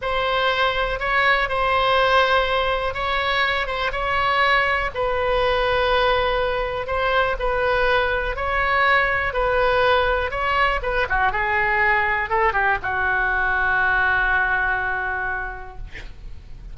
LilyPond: \new Staff \with { instrumentName = "oboe" } { \time 4/4 \tempo 4 = 122 c''2 cis''4 c''4~ | c''2 cis''4. c''8 | cis''2 b'2~ | b'2 c''4 b'4~ |
b'4 cis''2 b'4~ | b'4 cis''4 b'8 fis'8 gis'4~ | gis'4 a'8 g'8 fis'2~ | fis'1 | }